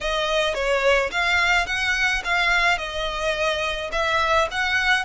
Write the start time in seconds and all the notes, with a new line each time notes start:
0.01 D#5
0.54 C#5
1.11 F5
1.66 F#5
2.24 F5
2.78 D#5
3.92 E5
4.51 F#5